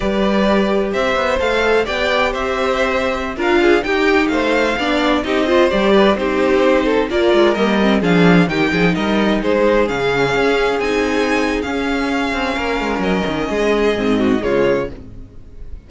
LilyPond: <<
  \new Staff \with { instrumentName = "violin" } { \time 4/4 \tempo 4 = 129 d''2 e''4 f''4 | g''4 e''2~ e''16 f''8.~ | f''16 g''4 f''2 dis''8.~ | dis''16 d''4 c''2 d''8.~ |
d''16 dis''4 f''4 g''4 dis''8.~ | dis''16 c''4 f''2 gis''8.~ | gis''4 f''2. | dis''2. cis''4 | }
  \new Staff \with { instrumentName = "violin" } { \time 4/4 b'2 c''2 | d''4 c''2~ c''16 ais'8 gis'16~ | gis'16 g'4 c''4 d''4 g'8 c''16~ | c''8. b'8 g'4. a'8 ais'8.~ |
ais'4~ ais'16 gis'4 g'8 gis'8 ais'8.~ | ais'16 gis'2.~ gis'8.~ | gis'2. ais'4~ | ais'4 gis'4. fis'8 f'4 | }
  \new Staff \with { instrumentName = "viola" } { \time 4/4 g'2. a'4 | g'2.~ g'16 f'8.~ | f'16 dis'2 d'4 dis'8 f'16~ | f'16 g'4 dis'2 f'8.~ |
f'16 ais8 c'8 d'4 dis'4.~ dis'16~ | dis'4~ dis'16 cis'2 dis'8.~ | dis'4 cis'2.~ | cis'2 c'4 gis4 | }
  \new Staff \with { instrumentName = "cello" } { \time 4/4 g2 c'8 b8 a4 | b4 c'2~ c'16 d'8.~ | d'16 dis'4 a4 b4 c'8.~ | c'16 g4 c'2 ais8 gis16~ |
gis16 g4 f4 dis8 f8 g8.~ | g16 gis4 cis4 cis'4 c'8.~ | c'4 cis'4. c'8 ais8 gis8 | fis8 dis8 gis4 gis,4 cis4 | }
>>